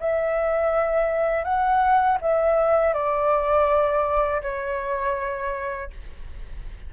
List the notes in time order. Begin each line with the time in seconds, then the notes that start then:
0.00 E5
1.44 F#5
2.22 E5
2.94 D5
4.42 C#5